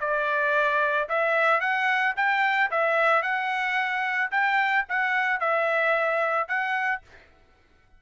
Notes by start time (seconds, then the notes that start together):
0.00 D5
1.09 E5
1.60 F#5
2.16 G5
2.71 E5
3.22 F#5
4.31 G5
4.89 F#5
5.40 E5
6.48 F#5